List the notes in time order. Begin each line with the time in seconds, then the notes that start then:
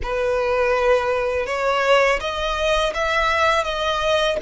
0.03 B4
1.46 C#5
2.20 D#5
2.93 E5
3.64 D#5